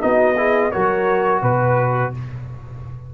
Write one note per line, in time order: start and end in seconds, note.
0.00 0.74 B3
0.00 0.35 D#4
0.00 0.37 F#4
0.00 0.71 D#5
0.37 0.73 E4
0.37 0.72 G#4
0.71 1.42 F#3
0.71 2.14 F#4
0.71 1.42 A#4
0.71 1.42 C#5
1.42 2.13 B2
1.42 2.13 B4
1.42 2.14 B4